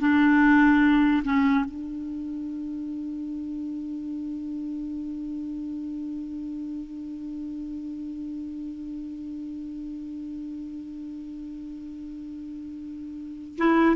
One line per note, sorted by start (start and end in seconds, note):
0.00 1.23 D4
1.24 1.65 C#4
1.65 13.57 D4
13.58 13.96 E4